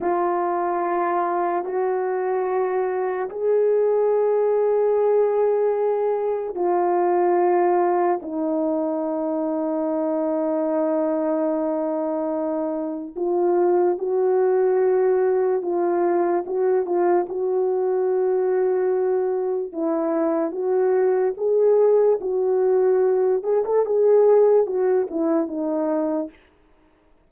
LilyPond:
\new Staff \with { instrumentName = "horn" } { \time 4/4 \tempo 4 = 73 f'2 fis'2 | gis'1 | f'2 dis'2~ | dis'1 |
f'4 fis'2 f'4 | fis'8 f'8 fis'2. | e'4 fis'4 gis'4 fis'4~ | fis'8 gis'16 a'16 gis'4 fis'8 e'8 dis'4 | }